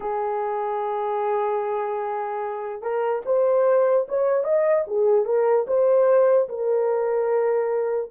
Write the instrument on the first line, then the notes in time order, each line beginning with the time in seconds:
horn
0.00 G#4
2.82 A#4
3.25 C5
4.08 C#5
4.44 D#5
4.87 G#4
5.25 A#4
5.67 C5
6.48 A#4